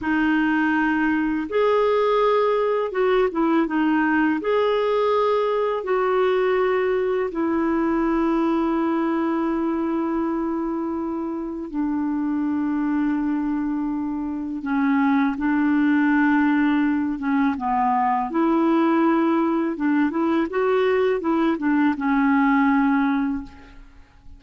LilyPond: \new Staff \with { instrumentName = "clarinet" } { \time 4/4 \tempo 4 = 82 dis'2 gis'2 | fis'8 e'8 dis'4 gis'2 | fis'2 e'2~ | e'1 |
d'1 | cis'4 d'2~ d'8 cis'8 | b4 e'2 d'8 e'8 | fis'4 e'8 d'8 cis'2 | }